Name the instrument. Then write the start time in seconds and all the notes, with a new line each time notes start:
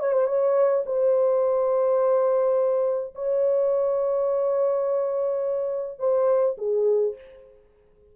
horn
0.00 C#5
0.13 C5
0.27 C#5
0.86 C5
3.15 C#5
5.99 C5
6.58 G#4